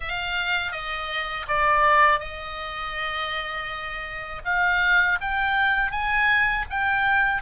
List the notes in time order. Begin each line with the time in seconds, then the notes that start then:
0.00 F5
0.72 D#5
1.47 D5
2.19 D#5
4.44 F5
5.21 G5
5.91 G#5
6.69 G5